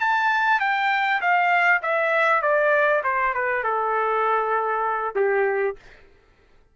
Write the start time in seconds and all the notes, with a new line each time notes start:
0.00 A5
0.60 G5
1.21 F5
1.82 E5
2.42 D5
3.04 C5
3.34 B4
3.64 A4
5.15 G4